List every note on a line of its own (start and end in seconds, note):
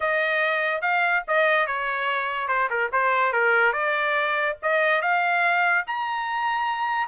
0.00 0.81 D#5
0.81 1.23 F5
1.27 1.66 D#5
1.66 2.48 C#5
2.48 2.69 C5
2.70 2.91 A#4
2.92 3.33 C5
3.33 3.72 A#4
3.72 4.55 D5
4.62 5.01 D#5
5.01 5.84 F5
5.86 7.07 A#5